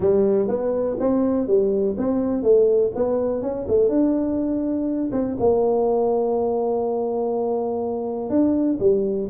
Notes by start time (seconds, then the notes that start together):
0.00 G3
0.48 B3
0.99 C4
1.47 G3
1.97 C4
2.43 A3
2.95 B3
3.41 C#4
3.68 A3
3.88 D4
5.12 C4
5.39 A#3
8.29 D4
8.79 G3